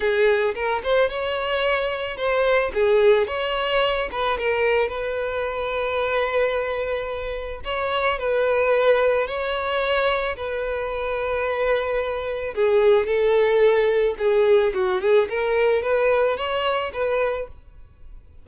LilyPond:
\new Staff \with { instrumentName = "violin" } { \time 4/4 \tempo 4 = 110 gis'4 ais'8 c''8 cis''2 | c''4 gis'4 cis''4. b'8 | ais'4 b'2.~ | b'2 cis''4 b'4~ |
b'4 cis''2 b'4~ | b'2. gis'4 | a'2 gis'4 fis'8 gis'8 | ais'4 b'4 cis''4 b'4 | }